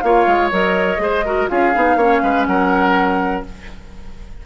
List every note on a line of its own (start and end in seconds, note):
0.00 0.26 A#3
0.00 0.51 F4
0.00 1.02 C#5
0.00 0.49 F5
0.26 0.51 G#3
0.51 0.98 F#3
0.51 0.98 A#4
0.51 1.48 D#5
0.98 1.47 G#3
0.98 1.22 G#4
0.98 1.25 C5
1.25 1.48 F#4
1.25 1.49 A#4
1.48 1.75 C#4
1.48 1.72 F4
1.48 1.97 G#4
1.48 2.45 F5
1.74 1.96 B3
1.74 1.98 D#4
1.96 2.20 A#3
1.96 3.45 C#4
1.96 2.22 C#5
2.22 2.47 G#3
2.22 2.47 B4
2.45 3.44 F#3
2.45 3.46 A#4
2.45 3.43 F#5